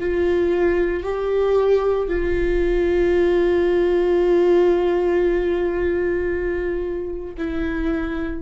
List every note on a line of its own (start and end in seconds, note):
0.00 1.03 F4
1.03 2.08 G4
2.08 7.34 F4
7.38 8.42 E4